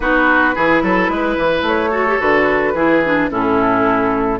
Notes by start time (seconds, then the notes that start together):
0.00 B3 D#4 F#4 B4
0.54 E3 E4 G#4
0.83 F#3 A4
1.08 G#3 B4
1.37 E3
1.62 A3 C#5
1.90 F#4 A4
2.07 G4
2.19 D3 F#4 B4
2.74 E3 E4 G#4
3.05 D4
3.29 A2 C#4 E4 A4